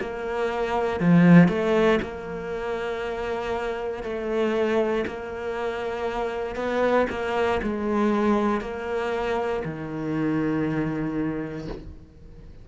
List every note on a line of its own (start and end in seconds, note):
0.00 1.00 A#3
1.00 1.48 F3
1.48 1.99 A3
2.02 4.03 A#3
4.03 5.05 A3
5.07 6.55 A#3
6.55 7.06 B3
7.10 7.61 A#3
7.63 8.61 G#3
8.61 9.63 A#3
9.65 11.68 D#3